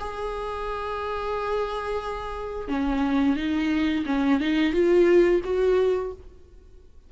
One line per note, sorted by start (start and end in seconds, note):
0.00 2.68 G#4
2.68 3.37 C#4
3.37 4.05 D#4
4.06 4.40 C#4
4.41 4.73 D#4
4.73 5.41 F4
5.45 6.13 F#4